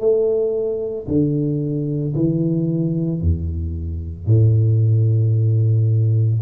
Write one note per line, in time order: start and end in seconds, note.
0.00 1.07 A3
1.07 2.14 D3
2.15 3.21 E3
3.21 4.27 E2
4.27 6.41 A2